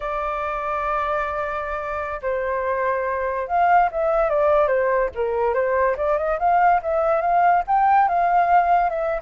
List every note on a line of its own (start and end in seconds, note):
0.00 2.20 D5
2.21 3.47 C5
3.47 3.89 F5
3.91 4.29 E5
4.29 4.67 D5
4.67 5.09 C5
5.14 5.53 A#4
5.53 5.95 C5
5.97 6.18 D5
6.18 6.39 D#5
6.39 6.81 F5
6.82 7.21 E5
7.21 7.63 F5
7.67 8.08 G5
8.08 8.89 F5
8.89 9.21 E5